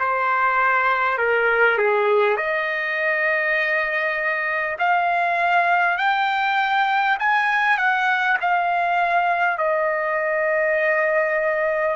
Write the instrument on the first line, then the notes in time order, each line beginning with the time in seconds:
trumpet
0.00 C5
1.18 A#4
1.78 G#4
2.37 D#5
4.79 F5
5.98 G5
7.20 G#5
7.78 F#5
8.41 F5
9.59 D#5